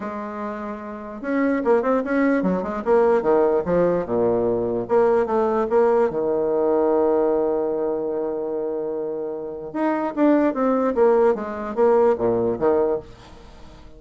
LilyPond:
\new Staff \with { instrumentName = "bassoon" } { \time 4/4 \tempo 4 = 148 gis2. cis'4 | ais8 c'8 cis'4 fis8 gis8 ais4 | dis4 f4 ais,2 | ais4 a4 ais4 dis4~ |
dis1~ | dis1 | dis'4 d'4 c'4 ais4 | gis4 ais4 ais,4 dis4 | }